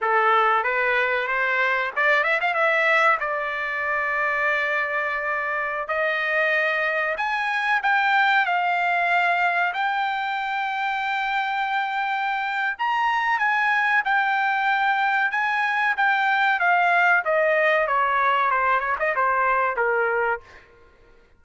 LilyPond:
\new Staff \with { instrumentName = "trumpet" } { \time 4/4 \tempo 4 = 94 a'4 b'4 c''4 d''8 e''16 f''16 | e''4 d''2.~ | d''4~ d''16 dis''2 gis''8.~ | gis''16 g''4 f''2 g''8.~ |
g''1 | ais''4 gis''4 g''2 | gis''4 g''4 f''4 dis''4 | cis''4 c''8 cis''16 dis''16 c''4 ais'4 | }